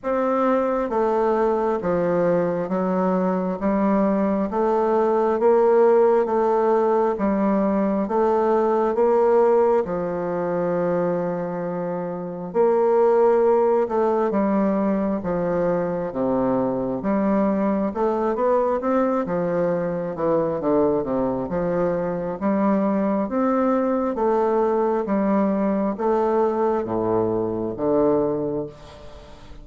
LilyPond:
\new Staff \with { instrumentName = "bassoon" } { \time 4/4 \tempo 4 = 67 c'4 a4 f4 fis4 | g4 a4 ais4 a4 | g4 a4 ais4 f4~ | f2 ais4. a8 |
g4 f4 c4 g4 | a8 b8 c'8 f4 e8 d8 c8 | f4 g4 c'4 a4 | g4 a4 a,4 d4 | }